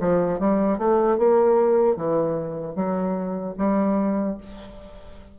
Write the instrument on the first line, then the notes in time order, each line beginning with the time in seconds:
bassoon
0.00 F3
0.39 G3
0.78 A3
1.17 A#3
1.96 E3
2.75 F#3
3.57 G3